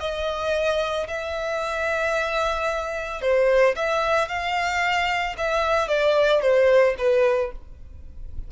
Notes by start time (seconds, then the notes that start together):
0.00 D#5
1.08 E5
3.21 C5
3.75 E5
4.28 F5
5.37 E5
5.88 D5
6.42 C5
6.98 B4